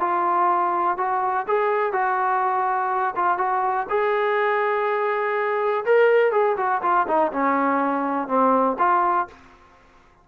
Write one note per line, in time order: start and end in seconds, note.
0.00 0.97 F4
0.97 1.46 F#4
1.47 1.93 G#4
1.93 3.15 F#4
3.16 3.38 F4
3.38 3.87 F#4
3.90 5.85 G#4
5.85 6.32 A#4
6.32 6.56 G#4
6.57 6.81 F#4
6.82 7.07 F4
7.07 7.32 D#4
7.33 8.28 C#4
8.28 8.77 C4
8.79 9.27 F4